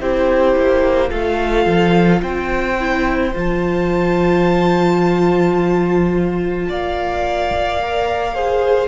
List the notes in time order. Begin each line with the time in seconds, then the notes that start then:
0.00 C4 E4 G4 C5
0.55 A#3
1.09 A3 F4 A4 F5
1.66 F3
2.22 C4 C5 G5
2.79 E4
3.33 F3 F4 A5
6.68 A#3 D5 F5
7.81 A#4
8.34 G#4 C5